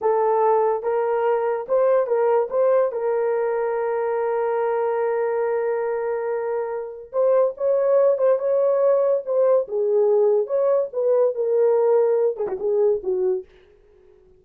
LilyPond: \new Staff \with { instrumentName = "horn" } { \time 4/4 \tempo 4 = 143 a'2 ais'2 | c''4 ais'4 c''4 ais'4~ | ais'1~ | ais'1~ |
ais'4 c''4 cis''4. c''8 | cis''2 c''4 gis'4~ | gis'4 cis''4 b'4 ais'4~ | ais'4. gis'16 fis'16 gis'4 fis'4 | }